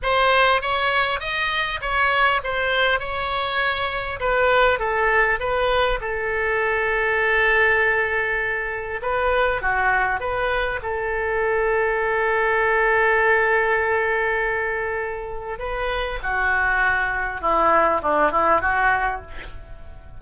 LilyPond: \new Staff \with { instrumentName = "oboe" } { \time 4/4 \tempo 4 = 100 c''4 cis''4 dis''4 cis''4 | c''4 cis''2 b'4 | a'4 b'4 a'2~ | a'2. b'4 |
fis'4 b'4 a'2~ | a'1~ | a'2 b'4 fis'4~ | fis'4 e'4 d'8 e'8 fis'4 | }